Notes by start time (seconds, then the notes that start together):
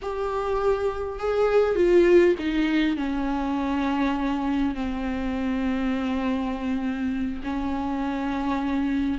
0.01 G4
1.19 G#4
1.75 F4
2.38 D#4
2.96 C#4
4.74 C4
7.43 C#4